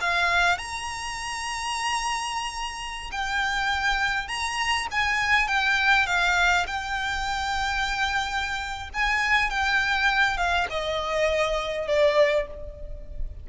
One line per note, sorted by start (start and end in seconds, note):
0.00 0.58 F5
0.58 3.10 A#5
3.11 4.27 G5
4.27 4.87 A#5
4.91 5.47 G#5
5.47 6.06 G5
6.06 6.65 F5
6.66 8.89 G5
8.94 9.49 G#5
9.49 10.37 G5
10.37 10.67 F5
10.70 11.87 D#5
11.87 12.47 D5